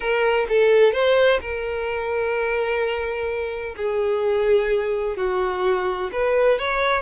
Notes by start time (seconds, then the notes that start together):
0.00 A#4
0.49 A4
0.93 C5
1.40 A#4
3.76 G#4
5.16 F#4
6.12 B4
6.58 C#5